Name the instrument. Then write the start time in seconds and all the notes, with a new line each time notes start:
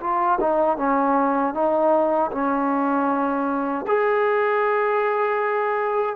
trombone
0.00 F4
0.40 D#4
0.77 C#4
1.54 D#4
2.31 C#4
3.87 G#4